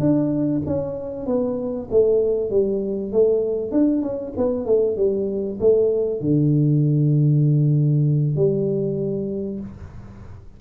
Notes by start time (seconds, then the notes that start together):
0.00 D4
0.66 C#4
1.26 B3
1.91 A3
2.50 G3
3.12 A3
3.71 D4
4.02 C#4
4.37 B3
4.66 A3
4.97 G3
5.60 A3
6.21 D3
8.36 G3